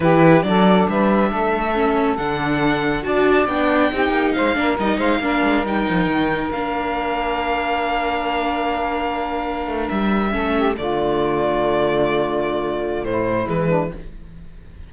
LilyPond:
<<
  \new Staff \with { instrumentName = "violin" } { \time 4/4 \tempo 4 = 138 b'4 d''4 e''2~ | e''4 fis''2 a''4 | g''2 f''4 dis''8 f''8~ | f''4 g''2 f''4~ |
f''1~ | f''2~ f''8. e''4~ e''16~ | e''8. d''2.~ d''16~ | d''2 c''4 b'4 | }
  \new Staff \with { instrumentName = "saxophone" } { \time 4/4 g'4 a'4 b'4 a'4~ | a'2. d''4~ | d''4 g'4 c''8 ais'4 c''8 | ais'1~ |
ais'1~ | ais'2.~ ais'8. a'16~ | a'16 g'8 f'2.~ f'16~ | f'2 e'4. d'8 | }
  \new Staff \with { instrumentName = "viola" } { \time 4/4 e'4 d'2. | cis'4 d'2 fis'4 | d'4 dis'4. d'8 dis'4 | d'4 dis'2 d'4~ |
d'1~ | d'2.~ d'8. cis'16~ | cis'8. a2.~ a16~ | a2. gis4 | }
  \new Staff \with { instrumentName = "cello" } { \time 4/4 e4 fis4 g4 a4~ | a4 d2 d'4 | b4 c'8 ais8 gis8 ais8 g8 gis8 | ais8 gis8 g8 f8 dis4 ais4~ |
ais1~ | ais2~ ais16 a8 g4 a16~ | a8. d2.~ d16~ | d2 a,4 e4 | }
>>